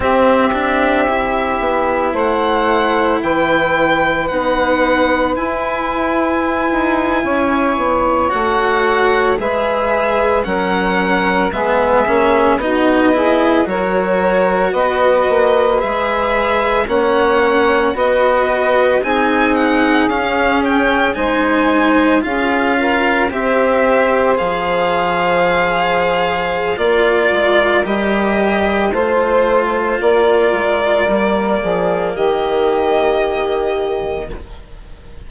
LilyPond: <<
  \new Staff \with { instrumentName = "violin" } { \time 4/4 \tempo 4 = 56 e''2 fis''4 g''4 | fis''4 gis''2~ gis''8. fis''16~ | fis''8. e''4 fis''4 e''4 dis''16~ | dis''8. cis''4 dis''4 e''4 fis''16~ |
fis''8. dis''4 gis''8 fis''8 f''8 g''8 gis''16~ | gis''8. f''4 e''4 f''4~ f''16~ | f''4 d''4 dis''4 c''4 | d''2 dis''2 | }
  \new Staff \with { instrumentName = "saxophone" } { \time 4/4 g'2 c''4 b'4~ | b'2~ b'8. cis''4~ cis''16~ | cis''8. b'4 ais'4 gis'4 fis'16~ | fis'16 gis'8 ais'4 b'2 cis''16~ |
cis''8. b'4 gis'2 c''16~ | c''8. gis'8 ais'8 c''2~ c''16~ | c''4 ais'2 c''4 | ais'4. gis'8 g'2 | }
  \new Staff \with { instrumentName = "cello" } { \time 4/4 c'8 d'8 e'2. | dis'4 e'2~ e'8. fis'16~ | fis'8. gis'4 cis'4 b8 cis'8 dis'16~ | dis'16 e'8 fis'2 gis'4 cis'16~ |
cis'8. fis'4 dis'4 cis'4 dis'16~ | dis'8. f'4 g'4 gis'4~ gis'16~ | gis'4 f'4 g'4 f'4~ | f'4 ais2. | }
  \new Staff \with { instrumentName = "bassoon" } { \time 4/4 c'4. b8 a4 e4 | b4 e'4~ e'16 dis'8 cis'8 b8 a16~ | a8. gis4 fis4 gis8 ais8 b16~ | b8. fis4 b8 ais8 gis4 ais16~ |
ais8. b4 c'4 cis'4 gis16~ | gis8. cis'4 c'4 f4~ f16~ | f4 ais8 gis8 g4 a4 | ais8 gis8 g8 f8 dis2 | }
>>